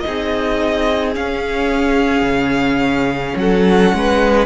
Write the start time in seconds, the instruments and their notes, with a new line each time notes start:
0.00 viola D#4, violin D#5
0.06 cello C4, violin G#4
1.15 viola C#4, cello C#4, violin F5
2.22 cello C#3
3.36 cello F#3, violin A4 F#5
3.94 cello G#3, violin B4